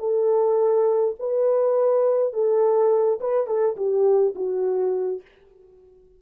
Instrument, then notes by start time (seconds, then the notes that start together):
horn
0.00 A4
1.20 B4
2.34 A4
3.21 B4
3.47 A4
3.77 G4
4.36 F#4